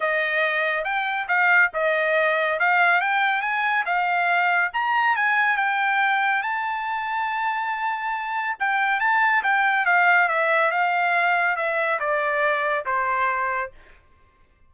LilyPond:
\new Staff \with { instrumentName = "trumpet" } { \time 4/4 \tempo 4 = 140 dis''2 g''4 f''4 | dis''2 f''4 g''4 | gis''4 f''2 ais''4 | gis''4 g''2 a''4~ |
a''1 | g''4 a''4 g''4 f''4 | e''4 f''2 e''4 | d''2 c''2 | }